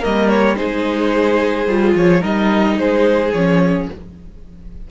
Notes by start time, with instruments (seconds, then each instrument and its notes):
0.00 cello G3, viola A#3, violin A#4 D#5
0.29 violin C#5
0.55 cello G#3, viola D#4, violin G#4 C5
1.67 cello G3, viola F4
1.95 cello F3, violin C#5
2.21 cello G3, viola D#4, violin A#4 D#5
2.77 cello G#3, violin G#4 C5
3.33 cello F3, viola C#4, violin C#5